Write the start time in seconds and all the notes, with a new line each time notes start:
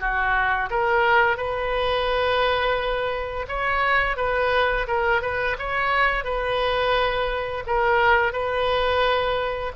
0.00 F#4
0.71 A#4
1.37 B4
3.49 C#5
4.17 B4
4.88 A#4
5.22 B4
5.59 C#5
6.25 B4
7.67 A#4
8.33 B4